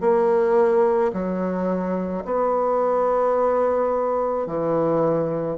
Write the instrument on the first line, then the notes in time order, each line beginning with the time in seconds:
bassoon
0.00 A#3
1.13 F#3
2.25 B3
4.46 E3